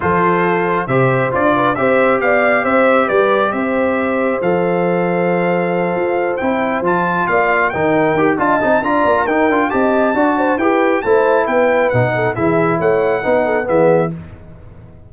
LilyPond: <<
  \new Staff \with { instrumentName = "trumpet" } { \time 4/4 \tempo 4 = 136 c''2 e''4 d''4 | e''4 f''4 e''4 d''4 | e''2 f''2~ | f''2~ f''8 g''4 a''8~ |
a''8 f''4 g''4. a''4 | ais''4 g''4 a''2 | g''4 a''4 g''4 fis''4 | e''4 fis''2 e''4 | }
  \new Staff \with { instrumentName = "horn" } { \time 4/4 a'2 c''4. b'8 | c''4 d''4 c''4 b'4 | c''1~ | c''1~ |
c''8 d''4 ais'4. dis''4 | d''4 ais'4 dis''4 d''8 c''8 | b'4 c''4 b'4. a'8 | gis'4 cis''4 b'8 a'8 gis'4 | }
  \new Staff \with { instrumentName = "trombone" } { \time 4/4 f'2 g'4 f'4 | g'1~ | g'2 a'2~ | a'2~ a'8 e'4 f'8~ |
f'4. dis'4 g'8 f'8 dis'8 | f'4 dis'8 f'8 g'4 fis'4 | g'4 e'2 dis'4 | e'2 dis'4 b4 | }
  \new Staff \with { instrumentName = "tuba" } { \time 4/4 f2 c4 d'4 | c'4 b4 c'4 g4 | c'2 f2~ | f4. f'4 c'4 f8~ |
f8 ais4 dis4 dis'8 d'8 c'8 | d'8 ais8 dis'8 d'8 c'4 d'4 | e'4 a4 b4 b,4 | e4 a4 b4 e4 | }
>>